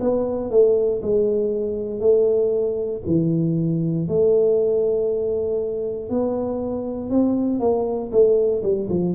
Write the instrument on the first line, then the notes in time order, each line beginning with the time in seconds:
tuba
0.00 B3
0.50 A3
1.02 G#3
2.00 A3
3.06 E3
4.08 A3
6.09 B3
7.10 C4
7.59 A#3
8.11 A3
8.63 G3
8.89 F3